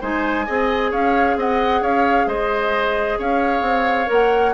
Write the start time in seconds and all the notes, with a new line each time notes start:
0.00 G#3 D#4 C5 G#5
0.45 C4 G#4 D#5
0.90 C#4 C#5 F5
1.36 C4 D#5 F#5
1.81 C#4 C#5 F5
2.26 G#3 C5 D#5
3.18 C#4 C#5 F5
3.61 C4
4.06 A#3 A#4 F#5